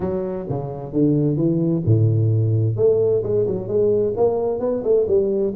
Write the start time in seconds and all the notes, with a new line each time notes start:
0.00 F#3
0.49 C#3
0.92 D3
1.36 E3
1.85 A2
2.76 A3
3.23 G#3
3.46 F#3
3.67 G#3
4.16 A#3
4.59 B3
4.83 A3
5.07 G3